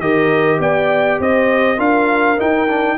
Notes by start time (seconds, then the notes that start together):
0.00 D#3 G4 A#4 D#5
0.60 B3 D5 G5
1.20 C4 C5 D#5
1.77 D4 F4 A#4 F5
2.38 D#4 G5
2.69 D4